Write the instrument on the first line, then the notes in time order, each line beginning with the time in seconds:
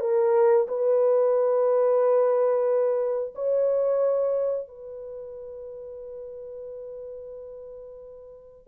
horn
0.00 A#4
0.68 B4
3.35 C#5
4.68 B4